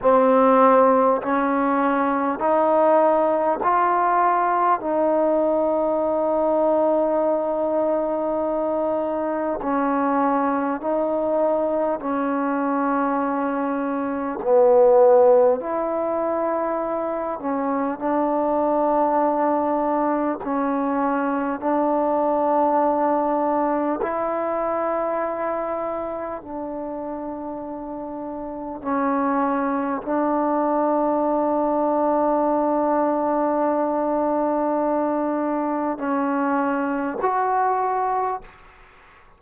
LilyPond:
\new Staff \with { instrumentName = "trombone" } { \time 4/4 \tempo 4 = 50 c'4 cis'4 dis'4 f'4 | dis'1 | cis'4 dis'4 cis'2 | b4 e'4. cis'8 d'4~ |
d'4 cis'4 d'2 | e'2 d'2 | cis'4 d'2.~ | d'2 cis'4 fis'4 | }